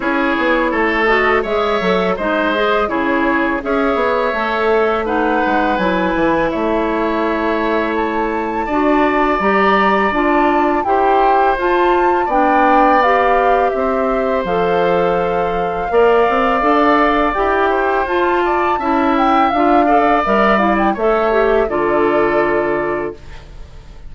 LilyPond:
<<
  \new Staff \with { instrumentName = "flute" } { \time 4/4 \tempo 4 = 83 cis''4. dis''8 e''4 dis''4 | cis''4 e''2 fis''4 | gis''4 e''2 a''4~ | a''4 ais''4 a''4 g''4 |
a''4 g''4 f''4 e''4 | f''1 | g''4 a''4. g''8 f''4 | e''8 f''16 g''16 e''4 d''2 | }
  \new Staff \with { instrumentName = "oboe" } { \time 4/4 gis'4 a'4 cis''4 c''4 | gis'4 cis''2 b'4~ | b'4 cis''2. | d''2. c''4~ |
c''4 d''2 c''4~ | c''2 d''2~ | d''8 c''4 d''8 e''4. d''8~ | d''4 cis''4 a'2 | }
  \new Staff \with { instrumentName = "clarinet" } { \time 4/4 e'4. fis'8 gis'8 a'8 dis'8 gis'8 | e'4 gis'4 a'4 dis'4 | e'1 | fis'4 g'4 f'4 g'4 |
f'4 d'4 g'2 | a'2 ais'4 a'4 | g'4 f'4 e'4 f'8 a'8 | ais'8 e'8 a'8 g'8 f'2 | }
  \new Staff \with { instrumentName = "bassoon" } { \time 4/4 cis'8 b8 a4 gis8 fis8 gis4 | cis4 cis'8 b8 a4. gis8 | fis8 e8 a2. | d'4 g4 d'4 e'4 |
f'4 b2 c'4 | f2 ais8 c'8 d'4 | e'4 f'4 cis'4 d'4 | g4 a4 d2 | }
>>